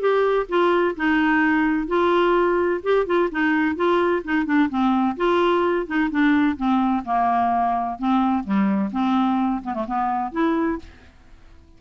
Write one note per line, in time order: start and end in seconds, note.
0.00 0.47 G4
0.49 0.95 F4
0.96 1.87 D#4
1.87 2.81 F4
2.83 3.06 G4
3.06 3.29 F4
3.31 3.76 D#4
3.76 4.23 F4
4.24 4.46 D#4
4.46 4.69 D4
4.69 5.16 C4
5.16 5.87 F4
5.87 6.10 D#4
6.11 6.56 D4
6.56 7.03 C4
7.05 7.99 A#3
7.99 8.44 C4
8.44 8.91 G3
8.92 9.62 C4
9.64 9.74 B3
9.74 9.86 A3
9.87 10.32 B3
10.32 10.79 E4